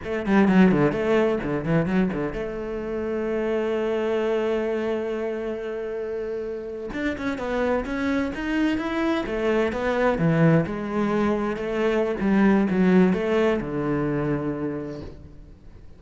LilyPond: \new Staff \with { instrumentName = "cello" } { \time 4/4 \tempo 4 = 128 a8 g8 fis8 d8 a4 d8 e8 | fis8 d8 a2.~ | a1~ | a2~ a8. d'8 cis'8 b16~ |
b8. cis'4 dis'4 e'4 a16~ | a8. b4 e4 gis4~ gis16~ | gis8. a4~ a16 g4 fis4 | a4 d2. | }